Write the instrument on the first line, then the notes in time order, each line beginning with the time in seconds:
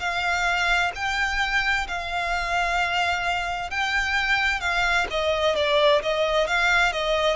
violin
0.00 F5
0.96 G5
1.88 F5
3.71 G5
4.61 F5
5.11 D#5
5.56 D5
6.03 D#5
6.47 F5
6.93 D#5